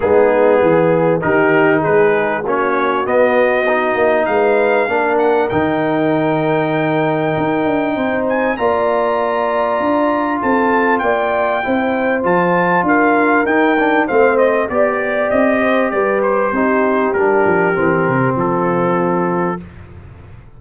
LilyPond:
<<
  \new Staff \with { instrumentName = "trumpet" } { \time 4/4 \tempo 4 = 98 gis'2 ais'4 b'4 | cis''4 dis''2 f''4~ | f''8 fis''8 g''2.~ | g''4. gis''8 ais''2~ |
ais''4 a''4 g''2 | a''4 f''4 g''4 f''8 dis''8 | d''4 dis''4 d''8 c''4. | ais'2 a'2 | }
  \new Staff \with { instrumentName = "horn" } { \time 4/4 dis'4 gis'4 g'4 gis'4 | fis'2. b'4 | ais'1~ | ais'4 c''4 d''2~ |
d''4 a'4 d''4 c''4~ | c''4 ais'2 c''4 | d''4. c''8 b'4 g'4~ | g'2 f'2 | }
  \new Staff \with { instrumentName = "trombone" } { \time 4/4 b2 dis'2 | cis'4 b4 dis'2 | d'4 dis'2.~ | dis'2 f'2~ |
f'2. e'4 | f'2 dis'8 d'8 c'4 | g'2. dis'4 | d'4 c'2. | }
  \new Staff \with { instrumentName = "tuba" } { \time 4/4 gis4 e4 dis4 gis4 | ais4 b4. ais8 gis4 | ais4 dis2. | dis'8 d'8 c'4 ais2 |
d'4 c'4 ais4 c'4 | f4 d'4 dis'4 a4 | b4 c'4 g4 c'4 | g8 f8 e8 c8 f2 | }
>>